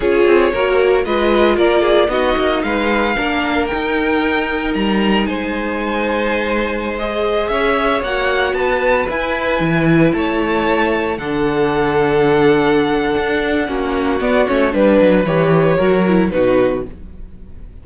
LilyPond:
<<
  \new Staff \with { instrumentName = "violin" } { \time 4/4 \tempo 4 = 114 cis''2 dis''4 d''4 | dis''4 f''2 g''4~ | g''4 ais''4 gis''2~ | gis''4~ gis''16 dis''4 e''4 fis''8.~ |
fis''16 a''4 gis''2 a''8.~ | a''4~ a''16 fis''2~ fis''8.~ | fis''2. d''8 cis''8 | b'4 cis''2 b'4 | }
  \new Staff \with { instrumentName = "violin" } { \time 4/4 gis'4 ais'4 b'4 ais'8 gis'8 | fis'4 b'4 ais'2~ | ais'2 c''2~ | c''2~ c''16 cis''4.~ cis''16~ |
cis''16 b'2. cis''8.~ | cis''4~ cis''16 a'2~ a'8.~ | a'2 fis'2 | b'2 ais'4 fis'4 | }
  \new Staff \with { instrumentName = "viola" } { \time 4/4 f'4 fis'4 f'2 | dis'2 d'4 dis'4~ | dis'1~ | dis'4~ dis'16 gis'2 fis'8.~ |
fis'4~ fis'16 e'2~ e'8.~ | e'4~ e'16 d'2~ d'8.~ | d'2 cis'4 b8 cis'8 | d'4 g'4 fis'8 e'8 dis'4 | }
  \new Staff \with { instrumentName = "cello" } { \time 4/4 cis'8 c'8 ais4 gis4 ais4 | b8 ais8 gis4 ais4 dis'4~ | dis'4 g4 gis2~ | gis2~ gis16 cis'4 ais8.~ |
ais16 b4 e'4 e4 a8.~ | a4~ a16 d2~ d8.~ | d4 d'4 ais4 b8 a8 | g8 fis8 e4 fis4 b,4 | }
>>